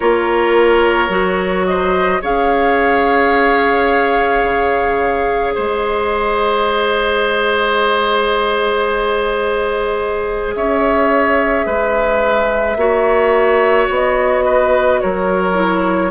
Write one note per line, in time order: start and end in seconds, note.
0.00 1.09 A#3
0.00 1.09 F4
0.00 1.66 A#4
0.00 1.66 C#5
1.09 2.20 F#3
1.09 2.20 F#4
1.66 2.21 C5
1.66 2.21 D#5
2.21 4.44 C#4
2.21 12.77 G#4
2.21 5.54 C#5
2.21 5.53 F5
4.44 5.55 C#3
5.53 10.55 G#3
5.53 10.54 C5
5.53 10.53 D#5
10.55 11.66 C#4
10.55 11.66 C#5
10.55 13.89 E5
11.66 12.75 G#3
11.66 12.77 B4
12.75 13.87 A#3
12.75 15.53 F#4
12.75 14.44 C#5
13.89 15.00 B3
13.89 15.00 D#5
14.44 15.00 B4
15.00 16.10 F#3
15.00 16.10 A#4
15.00 16.10 C#5
15.53 16.09 E4